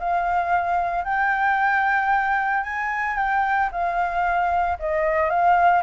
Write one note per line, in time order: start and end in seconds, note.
0.00 1.05 F5
1.05 2.64 G5
2.64 3.17 G#5
3.17 3.70 G5
3.72 4.78 F5
4.80 5.30 D#5
5.30 5.83 F5